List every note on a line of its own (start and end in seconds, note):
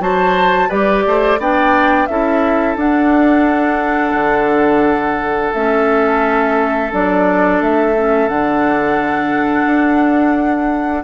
0.00 0.69 F#3
0.00 0.70 F#4
0.00 0.69 C5
0.00 0.71 A5
0.69 1.06 G3
0.69 1.39 G4
0.69 1.04 B4
0.69 1.40 D5
1.06 1.39 A3
1.06 1.40 C5
1.39 2.08 B3
1.39 2.09 D4
1.39 2.09 D5
1.39 2.07 G5
2.07 2.77 C#4
2.07 2.78 E4
2.07 11.04 A4
2.07 2.76 E5
2.77 4.14 D4
2.77 5.54 D4
2.77 5.54 F#5
4.14 5.52 D3
5.54 6.93 A3
5.54 6.92 C#4
5.54 6.92 E5
6.92 7.61 F#3
6.92 7.96 D4
6.92 7.62 D5
7.61 8.29 A3
7.61 8.29 E5
7.97 8.29 C#4
8.29 9.66 D3
8.29 11.04 D4
8.29 11.04 F#5
9.66 11.04 D4